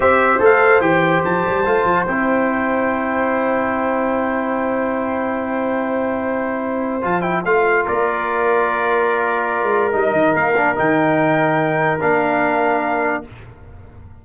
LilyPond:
<<
  \new Staff \with { instrumentName = "trumpet" } { \time 4/4 \tempo 4 = 145 e''4 f''4 g''4 a''4~ | a''4 g''2.~ | g''1~ | g''1~ |
g''4 a''8 g''8 f''4 d''4~ | d''1 | dis''4 f''4 g''2~ | g''4 f''2. | }
  \new Staff \with { instrumentName = "horn" } { \time 4/4 c''1~ | c''1~ | c''1~ | c''1~ |
c''2. ais'4~ | ais'1~ | ais'1~ | ais'1 | }
  \new Staff \with { instrumentName = "trombone" } { \time 4/4 g'4 a'4 g'2 | f'4 e'2.~ | e'1~ | e'1~ |
e'4 f'8 e'8 f'2~ | f'1 | dis'4. d'8 dis'2~ | dis'4 d'2. | }
  \new Staff \with { instrumentName = "tuba" } { \time 4/4 c'4 a4 e4 f8 g8 | a8 f8 c'2.~ | c'1~ | c'1~ |
c'4 f4 a4 ais4~ | ais2.~ ais16 gis8. | g8 dis8 ais4 dis2~ | dis4 ais2. | }
>>